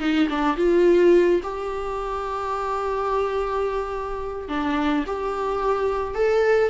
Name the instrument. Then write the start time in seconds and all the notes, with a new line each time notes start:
viola
0.00 D#4
0.30 D4
0.57 F4
1.43 G4
4.49 D4
5.07 G4
6.15 A4